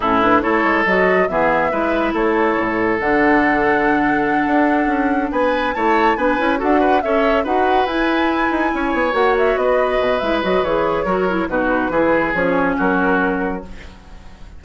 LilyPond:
<<
  \new Staff \with { instrumentName = "flute" } { \time 4/4 \tempo 4 = 141 a'8 b'8 cis''4 dis''4 e''4~ | e''4 cis''2 fis''4~ | fis''1~ | fis''8 gis''4 a''4 gis''4 fis''8~ |
fis''8 e''4 fis''4 gis''4.~ | gis''4. fis''8 e''8 dis''4. | e''8 dis''8 cis''2 b'4~ | b'4 cis''4 ais'2 | }
  \new Staff \with { instrumentName = "oboe" } { \time 4/4 e'4 a'2 gis'4 | b'4 a'2.~ | a'1~ | a'8 b'4 cis''4 b'4 a'8 |
b'8 cis''4 b'2~ b'8~ | b'8 cis''2 b'4.~ | b'2 ais'4 fis'4 | gis'2 fis'2 | }
  \new Staff \with { instrumentName = "clarinet" } { \time 4/4 cis'8 d'8 e'4 fis'4 b4 | e'2. d'4~ | d'1~ | d'4. e'4 d'8 e'8 fis'8~ |
fis'8 a'4 fis'4 e'4.~ | e'4. fis'2~ fis'8 | e'8 fis'8 gis'4 fis'8 e'8 dis'4 | e'4 cis'2. | }
  \new Staff \with { instrumentName = "bassoon" } { \time 4/4 a,4 a8 gis8 fis4 e4 | gis4 a4 a,4 d4~ | d2~ d8 d'4 cis'8~ | cis'8 b4 a4 b8 cis'8 d'8~ |
d'8 cis'4 dis'4 e'4. | dis'8 cis'8 b8 ais4 b4 b,8 | gis8 fis8 e4 fis4 b,4 | e4 f4 fis2 | }
>>